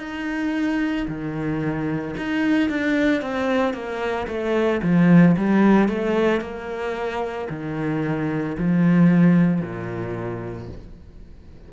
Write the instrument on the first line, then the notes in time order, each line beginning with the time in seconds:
cello
0.00 D#4
1.09 D#3
2.18 D#4
2.70 D4
3.22 C4
3.74 A#3
4.28 A3
4.83 F3
5.38 G3
5.89 A3
6.41 A#3
7.50 D#3
8.58 F3
9.61 A#2